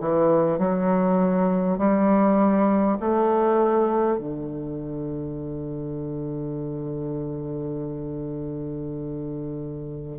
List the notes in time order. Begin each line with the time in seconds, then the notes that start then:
0.00 E3
0.58 F#3
1.78 G3
3.00 A3
4.18 D3